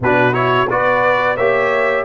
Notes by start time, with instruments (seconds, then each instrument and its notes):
0.00 tuba B2, trombone D4, horn F#4, trumpet B4
0.33 trombone E4, trumpet C#5
0.68 tuba B3, trombone F#4, horn B4, trumpet D5
1.36 tuba A#3, trombone G4, horn C#5, trumpet E5